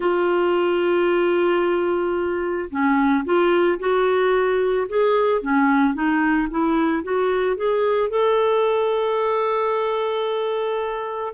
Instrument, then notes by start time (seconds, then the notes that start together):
clarinet
0.00 F4
2.70 C#4
3.24 F4
3.79 F#4
4.88 G#4
5.41 C#4
5.93 D#4
6.50 E4
7.03 F#4
7.56 G#4
8.09 A4